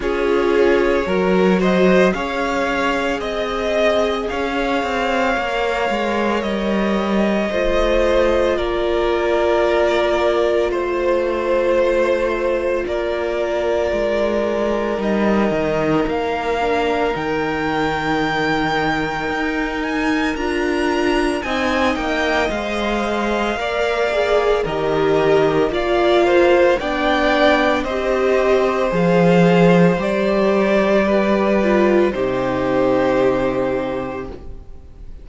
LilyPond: <<
  \new Staff \with { instrumentName = "violin" } { \time 4/4 \tempo 4 = 56 cis''4. dis''8 f''4 dis''4 | f''2 dis''2 | d''2 c''2 | d''2 dis''4 f''4 |
g''2~ g''8 gis''8 ais''4 | gis''8 g''8 f''2 dis''4 | f''4 g''4 dis''4 f''4 | d''2 c''2 | }
  \new Staff \with { instrumentName = "violin" } { \time 4/4 gis'4 ais'8 c''8 cis''4 dis''4 | cis''2. c''4 | ais'2 c''2 | ais'1~ |
ais'1 | dis''2 d''4 ais'4 | d''8 c''8 d''4 c''2~ | c''4 b'4 g'2 | }
  \new Staff \with { instrumentName = "viola" } { \time 4/4 f'4 fis'4 gis'2~ | gis'4 ais'2 f'4~ | f'1~ | f'2 dis'4. d'8 |
dis'2. f'4 | dis'4 c''4 ais'8 gis'8 g'4 | f'4 d'4 g'4 gis'4 | g'4. f'8 dis'2 | }
  \new Staff \with { instrumentName = "cello" } { \time 4/4 cis'4 fis4 cis'4 c'4 | cis'8 c'8 ais8 gis8 g4 a4 | ais2 a2 | ais4 gis4 g8 dis8 ais4 |
dis2 dis'4 d'4 | c'8 ais8 gis4 ais4 dis4 | ais4 b4 c'4 f4 | g2 c2 | }
>>